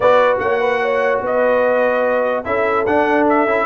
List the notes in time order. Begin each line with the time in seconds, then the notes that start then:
0.00 B3 F#4 B4 D5
0.39 A#3 C#5 F#5
0.60 B4
0.81 C#5
1.21 B3 B4 D#5
2.44 C#4 E4 A4 E5
2.86 D4 F#5
3.28 E5
3.46 C#4 E4